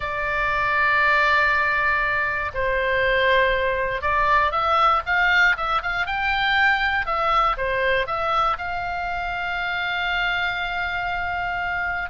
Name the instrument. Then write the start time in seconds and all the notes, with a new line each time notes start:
oboe
0.00 D5
2.53 C5
4.01 D5
4.51 E5
5.06 F5
5.56 E5
5.82 F5
6.06 G5
7.05 E5
7.57 C5
8.06 E5
8.58 F5